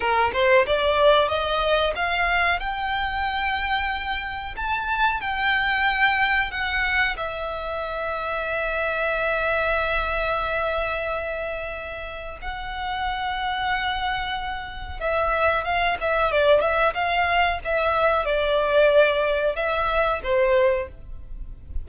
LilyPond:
\new Staff \with { instrumentName = "violin" } { \time 4/4 \tempo 4 = 92 ais'8 c''8 d''4 dis''4 f''4 | g''2. a''4 | g''2 fis''4 e''4~ | e''1~ |
e''2. fis''4~ | fis''2. e''4 | f''8 e''8 d''8 e''8 f''4 e''4 | d''2 e''4 c''4 | }